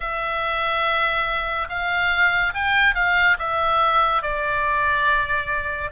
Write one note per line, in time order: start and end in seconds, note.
0.00 1.67 E5
1.69 2.53 F5
2.54 2.95 G5
2.95 3.37 F5
3.38 4.22 E5
4.22 5.91 D5